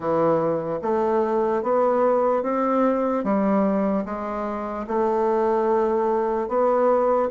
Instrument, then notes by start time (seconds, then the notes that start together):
bassoon
0.00 E3
0.81 A3
1.62 B3
2.43 C4
3.24 G3
4.05 G#3
4.87 A3
6.48 B3